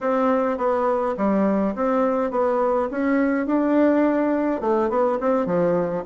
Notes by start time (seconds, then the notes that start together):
0.00 C4
0.57 B3
1.17 G3
1.75 C4
2.31 B3
2.91 C#4
3.46 D4
4.60 A3
4.89 B3
5.20 C4
5.45 F3